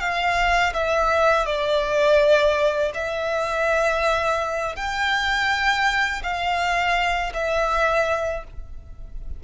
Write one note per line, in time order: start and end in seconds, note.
0.00 0.73 F5
0.73 1.46 E5
1.46 2.92 D5
2.94 4.76 E5
4.76 6.22 G5
6.23 7.33 F5
7.34 8.43 E5